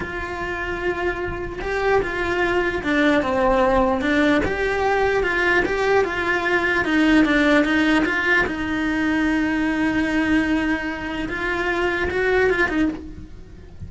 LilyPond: \new Staff \with { instrumentName = "cello" } { \time 4/4 \tempo 4 = 149 f'1 | g'4 f'2 d'4 | c'2 d'4 g'4~ | g'4 f'4 g'4 f'4~ |
f'4 dis'4 d'4 dis'4 | f'4 dis'2.~ | dis'1 | f'2 fis'4 f'8 dis'8 | }